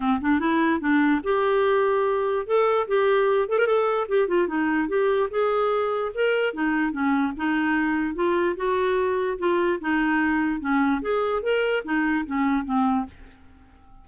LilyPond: \new Staff \with { instrumentName = "clarinet" } { \time 4/4 \tempo 4 = 147 c'8 d'8 e'4 d'4 g'4~ | g'2 a'4 g'4~ | g'8 a'16 ais'16 a'4 g'8 f'8 dis'4 | g'4 gis'2 ais'4 |
dis'4 cis'4 dis'2 | f'4 fis'2 f'4 | dis'2 cis'4 gis'4 | ais'4 dis'4 cis'4 c'4 | }